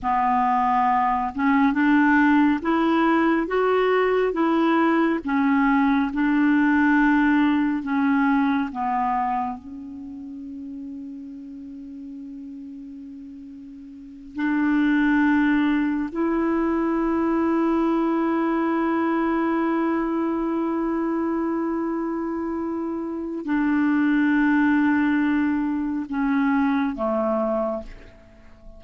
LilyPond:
\new Staff \with { instrumentName = "clarinet" } { \time 4/4 \tempo 4 = 69 b4. cis'8 d'4 e'4 | fis'4 e'4 cis'4 d'4~ | d'4 cis'4 b4 cis'4~ | cis'1~ |
cis'8 d'2 e'4.~ | e'1~ | e'2. d'4~ | d'2 cis'4 a4 | }